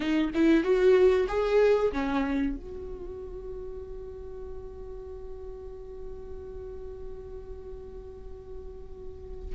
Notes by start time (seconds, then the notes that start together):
0.00 D#4
0.34 E4
0.63 F#4
1.28 G#4
1.92 C#4
2.56 F#4